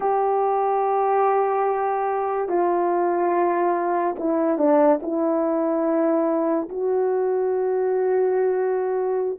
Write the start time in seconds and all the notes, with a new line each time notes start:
0.00 G4
2.48 F4
4.19 E4
4.58 D4
5.02 E4
6.69 F#4